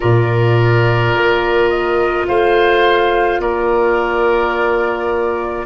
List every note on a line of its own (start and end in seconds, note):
0.00 1.13 A#2
0.00 5.66 F4
0.00 2.26 A#4
0.00 1.69 D5
1.13 2.26 A#3
1.69 2.25 D#5
2.27 3.39 A3
2.27 3.41 C5
2.27 3.40 F5
3.39 5.65 A#3
3.39 5.66 A#4
3.39 5.66 D5